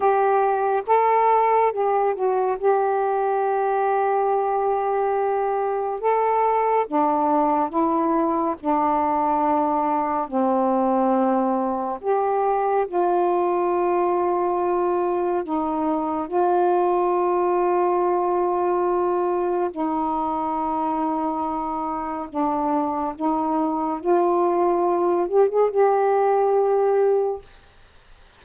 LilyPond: \new Staff \with { instrumentName = "saxophone" } { \time 4/4 \tempo 4 = 70 g'4 a'4 g'8 fis'8 g'4~ | g'2. a'4 | d'4 e'4 d'2 | c'2 g'4 f'4~ |
f'2 dis'4 f'4~ | f'2. dis'4~ | dis'2 d'4 dis'4 | f'4. g'16 gis'16 g'2 | }